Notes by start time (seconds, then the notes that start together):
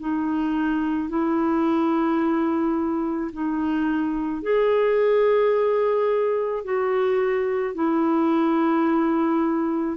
0.00 D#4
1.09 E4
3.33 D#4
4.42 G#4
6.64 F#4
7.75 E4